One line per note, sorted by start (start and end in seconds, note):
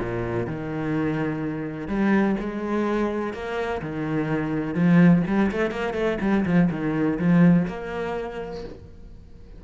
0.00 0.47 A#2
0.47 1.88 D#3
1.88 2.36 G3
2.40 3.33 G#3
3.33 3.81 A#3
3.82 4.75 D#3
4.75 5.23 F3
5.27 5.51 G3
5.52 5.71 A3
5.71 5.94 A#3
5.94 6.18 A3
6.21 6.45 G3
6.46 6.70 F3
6.71 7.19 D#3
7.19 7.67 F3
7.68 8.64 A#3